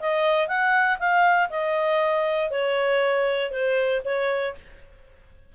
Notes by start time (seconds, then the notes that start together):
0.00 D#5
0.48 F#5
0.99 F5
1.50 D#5
2.51 C#5
3.51 C5
4.05 C#5